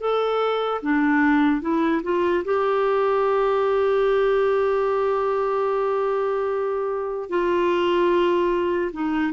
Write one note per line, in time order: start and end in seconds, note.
0.00 0.81 A4
0.82 1.61 D4
1.61 2.02 E4
2.03 2.44 F4
2.45 7.29 G4
7.29 8.92 F4
8.93 9.33 D#4